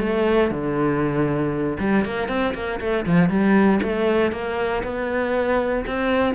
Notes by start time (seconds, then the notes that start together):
0.00 A3
0.51 D3
1.80 G3
2.05 A#3
2.29 C4
2.54 A#3
2.81 A3
3.06 F3
3.30 G3
3.83 A3
4.32 A#3
4.84 B3
5.87 C4